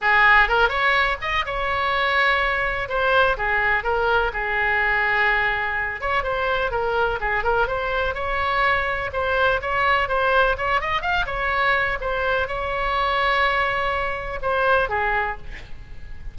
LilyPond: \new Staff \with { instrumentName = "oboe" } { \time 4/4 \tempo 4 = 125 gis'4 ais'8 cis''4 dis''8 cis''4~ | cis''2 c''4 gis'4 | ais'4 gis'2.~ | gis'8 cis''8 c''4 ais'4 gis'8 ais'8 |
c''4 cis''2 c''4 | cis''4 c''4 cis''8 dis''8 f''8 cis''8~ | cis''4 c''4 cis''2~ | cis''2 c''4 gis'4 | }